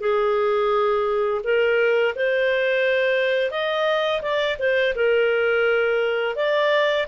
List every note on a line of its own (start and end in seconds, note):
0.00 1.41 G#4
1.43 2.14 A#4
2.15 3.51 C5
3.51 4.21 D#5
4.21 4.57 D5
4.59 4.94 C5
4.95 6.36 A#4
6.36 7.06 D5